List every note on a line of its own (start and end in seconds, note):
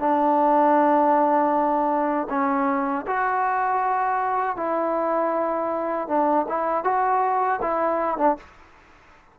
0.00 2.28 D4
2.30 3.06 C#4
3.07 4.57 F#4
4.57 6.08 E4
6.08 6.46 D4
6.49 6.84 E4
6.84 7.60 F#4
7.62 8.18 E4
8.18 8.37 D4